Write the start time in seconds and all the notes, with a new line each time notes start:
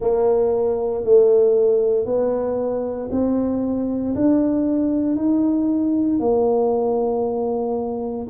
0.00 A#3
1.03 A3
2.05 B3
3.11 C4
4.15 D4
5.16 D#4
6.19 A#3